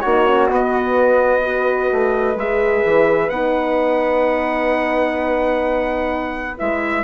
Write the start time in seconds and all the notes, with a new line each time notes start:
0.00 A#3 D#4 F#4 C#5
0.27 C#4
0.48 B3 D#5
1.41 F#4 B4
1.92 A3
2.35 G#3 G#4 E5
2.85 E3
3.29 B3 D#4 F#5
6.57 G#3 E4 E5